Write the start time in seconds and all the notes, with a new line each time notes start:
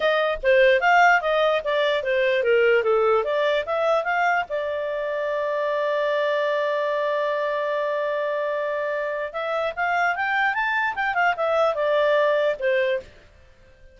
0.00 D#5
0.43 C5
0.80 F5
1.21 D#5
1.64 D5
2.03 C5
2.43 A#4
2.83 A4
3.24 D5
3.65 E5
4.03 F5
4.49 D5
9.32 E5
9.76 F5
10.15 G5
10.54 A5
10.95 G5
11.14 F5
11.36 E5
11.75 D5
12.59 C5